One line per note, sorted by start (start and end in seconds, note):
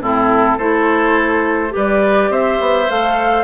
0.00 0.58 A2
0.00 0.60 C4
0.00 0.58 E4
0.00 0.59 A4
0.58 1.73 A3
0.58 1.70 E4
0.58 1.73 A4
0.58 1.74 C5
1.70 2.85 G4
1.70 2.31 B4
1.76 2.30 G3
1.76 2.32 D5
2.30 2.59 C4
2.30 3.44 C5
2.30 2.90 E5
2.60 2.89 B3
2.89 3.44 A3
2.89 3.44 A4
2.89 3.44 F5